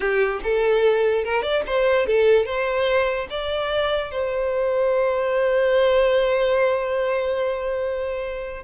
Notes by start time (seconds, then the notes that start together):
0.00 G4
0.43 A4
1.24 A#4
1.42 D5
1.66 C5
2.06 A4
2.45 C5
3.30 D5
4.11 C5